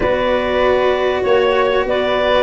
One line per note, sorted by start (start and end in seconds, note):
0.00 1.22 B3
0.00 2.43 F#4
0.00 1.21 B4
0.00 1.23 D5
1.22 1.84 A#3
1.22 1.84 C#5
1.22 1.85 C#5
1.84 2.43 B3
1.84 2.43 B4
1.84 2.43 D5